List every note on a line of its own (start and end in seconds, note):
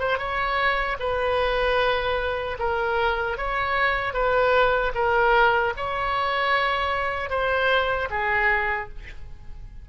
0.00 0.19 C5
0.19 0.98 C#5
1.00 2.58 B4
2.59 3.38 A#4
3.38 4.14 C#5
4.14 4.93 B4
4.95 5.74 A#4
5.77 7.30 C#5
7.30 8.09 C5
8.11 8.90 G#4